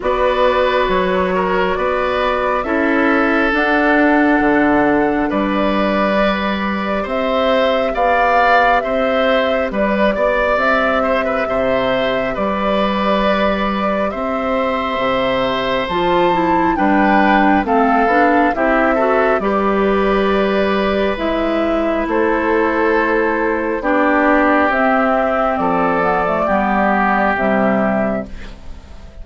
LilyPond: <<
  \new Staff \with { instrumentName = "flute" } { \time 4/4 \tempo 4 = 68 d''4 cis''4 d''4 e''4 | fis''2 d''2 | e''4 f''4 e''4 d''4 | e''2 d''2 |
e''2 a''4 g''4 | f''4 e''4 d''2 | e''4 c''2 d''4 | e''4 d''2 e''4 | }
  \new Staff \with { instrumentName = "oboe" } { \time 4/4 b'4. ais'8 b'4 a'4~ | a'2 b'2 | c''4 d''4 c''4 b'8 d''8~ | d''8 c''16 b'16 c''4 b'2 |
c''2. b'4 | a'4 g'8 a'8 b'2~ | b'4 a'2 g'4~ | g'4 a'4 g'2 | }
  \new Staff \with { instrumentName = "clarinet" } { \time 4/4 fis'2. e'4 | d'2. g'4~ | g'1~ | g'1~ |
g'2 f'8 e'8 d'4 | c'8 d'8 e'8 fis'8 g'2 | e'2. d'4 | c'4. b16 a16 b4 g4 | }
  \new Staff \with { instrumentName = "bassoon" } { \time 4/4 b4 fis4 b4 cis'4 | d'4 d4 g2 | c'4 b4 c'4 g8 b8 | c'4 c4 g2 |
c'4 c4 f4 g4 | a8 b8 c'4 g2 | gis4 a2 b4 | c'4 f4 g4 c4 | }
>>